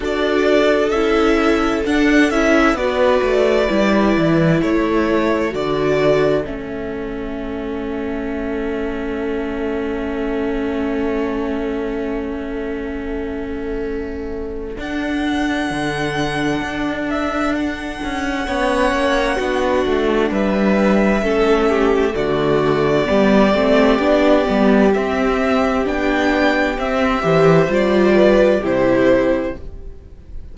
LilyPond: <<
  \new Staff \with { instrumentName = "violin" } { \time 4/4 \tempo 4 = 65 d''4 e''4 fis''8 e''8 d''4~ | d''4 cis''4 d''4 e''4~ | e''1~ | e''1 |
fis''2~ fis''8 e''8 fis''4~ | fis''2 e''2 | d''2. e''4 | g''4 e''4 d''4 c''4 | }
  \new Staff \with { instrumentName = "violin" } { \time 4/4 a'2. b'4~ | b'4 a'2.~ | a'1~ | a'1~ |
a'1 | cis''4 fis'4 b'4 a'8 g'8 | fis'4 g'2.~ | g'4. c''4 b'8 g'4 | }
  \new Staff \with { instrumentName = "viola" } { \time 4/4 fis'4 e'4 d'8 e'8 fis'4 | e'2 fis'4 cis'4~ | cis'1~ | cis'1 |
d'1 | cis'4 d'2 cis'4 | a4 b8 c'8 d'8 b8 c'4 | d'4 c'8 g'8 f'4 e'4 | }
  \new Staff \with { instrumentName = "cello" } { \time 4/4 d'4 cis'4 d'8 cis'8 b8 a8 | g8 e8 a4 d4 a4~ | a1~ | a1 |
d'4 d4 d'4. cis'8 | b8 ais8 b8 a8 g4 a4 | d4 g8 a8 b8 g8 c'4 | b4 c'8 e8 g4 c4 | }
>>